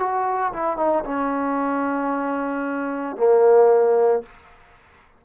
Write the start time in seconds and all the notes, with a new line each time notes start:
0.00 F#4
0.54 E4
0.78 D#4
1.05 C#4
3.17 A#3